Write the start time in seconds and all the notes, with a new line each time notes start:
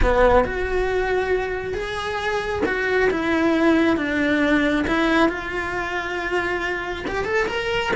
0.02 B3
0.44 F#4
1.74 G#4
2.65 F#4
3.10 E4
3.97 D4
4.87 E4
5.28 F4
7.07 G4
7.25 A4
7.47 A#4